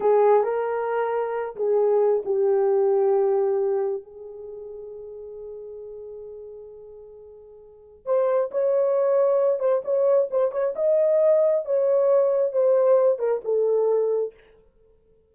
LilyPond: \new Staff \with { instrumentName = "horn" } { \time 4/4 \tempo 4 = 134 gis'4 ais'2~ ais'8 gis'8~ | gis'4 g'2.~ | g'4 gis'2.~ | gis'1~ |
gis'2 c''4 cis''4~ | cis''4. c''8 cis''4 c''8 cis''8 | dis''2 cis''2 | c''4. ais'8 a'2 | }